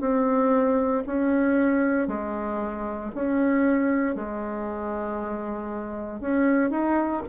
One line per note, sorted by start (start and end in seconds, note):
0.00 1.03 C4
1.06 2.07 C#4
2.07 3.11 G#3
3.15 4.15 C#4
4.15 6.20 G#3
6.20 6.71 C#4
6.71 7.22 D#4